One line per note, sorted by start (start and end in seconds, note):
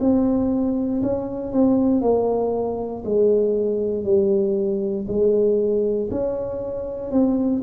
0.00 1.02 C4
1.02 1.52 C#4
1.52 2.01 C4
2.01 3.03 A#3
3.05 4.04 G#3
4.04 5.06 G3
5.08 6.09 G#3
6.11 7.11 C#4
7.11 7.62 C4